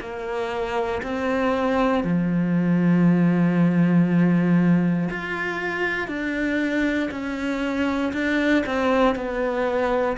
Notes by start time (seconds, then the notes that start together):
0.00 A#3
1.02 C4
2.03 F3
5.09 F4
6.07 D4
7.11 C#4
8.13 D4
8.66 C4
9.15 B3